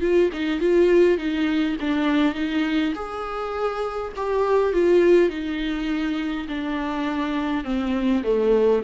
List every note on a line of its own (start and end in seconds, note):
0.00 0.29 F4
0.33 0.60 D#4
0.60 1.17 F4
1.17 1.76 D#4
1.80 2.34 D4
2.34 2.93 D#4
2.95 4.13 G#4
4.16 4.73 G4
4.73 5.29 F4
5.29 6.47 D#4
6.48 7.64 D4
7.64 8.23 C4
8.23 8.82 A3